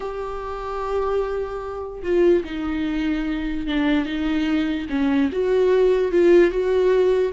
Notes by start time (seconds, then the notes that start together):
0.00 G4
2.02 F4
2.44 D#4
3.66 D4
4.05 D#4
4.89 C#4
5.32 F#4
6.11 F4
6.50 F#4